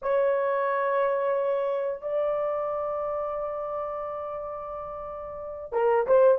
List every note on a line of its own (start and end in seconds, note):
0.02 2.01 C#5
2.01 5.72 D5
5.72 6.06 A#4
6.06 6.38 C5